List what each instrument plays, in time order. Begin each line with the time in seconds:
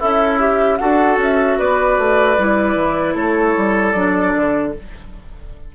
0.00 bassoon C#4, oboe E4, clarinet A4, flute E5
0.40 clarinet G4
0.78 bassoon D4, clarinet F#4, oboe A4, flute F#5
1.18 bassoon C#4, flute E5
1.59 bassoon B3, oboe B4, flute D5
1.98 bassoon A3
2.38 bassoon G3, clarinet E4
2.76 bassoon E3
3.15 bassoon A3, oboe A4, flute C#5
3.57 bassoon G3
3.92 bassoon F#3, clarinet D4, flute D5
4.36 bassoon D3